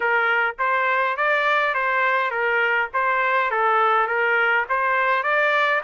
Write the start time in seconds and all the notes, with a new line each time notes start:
0.00 A#4
0.59 C5
1.17 D5
1.74 C5
2.30 A#4
2.93 C5
3.51 A4
4.07 A#4
4.69 C5
5.23 D5